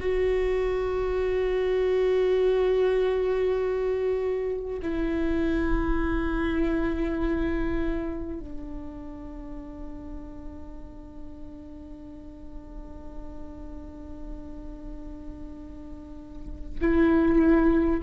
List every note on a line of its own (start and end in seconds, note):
0.00 4.80 F#4
4.82 8.40 E4
8.40 16.80 D4
16.81 18.01 E4